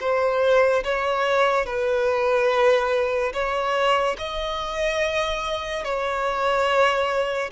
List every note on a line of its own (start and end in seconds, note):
0.00 0.83 C5
0.84 1.66 C#5
1.66 3.33 B4
3.33 4.17 C#5
4.18 5.84 D#5
5.84 7.51 C#5